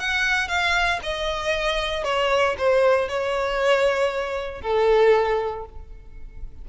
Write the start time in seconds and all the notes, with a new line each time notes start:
0.00 F#5
0.48 F5
1.03 D#5
2.05 C#5
2.59 C5
3.09 C#5
4.62 A4